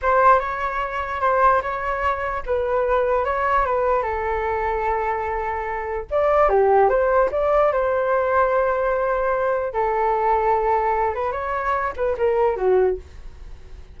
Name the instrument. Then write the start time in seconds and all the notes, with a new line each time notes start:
flute
0.01 C5
0.39 C#5
1.21 C5
1.61 C#5
2.46 B4
3.25 C#5
3.65 B4
4.02 A4
6.10 D5
6.49 G4
6.89 C5
7.31 D5
7.72 C5
9.73 A4
11.14 B4
11.31 C#5
11.96 B4
12.17 A#4
12.56 F#4